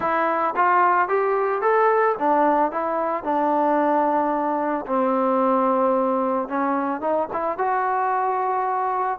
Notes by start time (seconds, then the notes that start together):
0.00 E4
0.56 F4
1.08 G4
1.61 A4
2.19 D4
2.71 E4
3.23 D4
4.86 C4
6.48 C#4
7.00 D#4
7.32 E4
7.57 F#4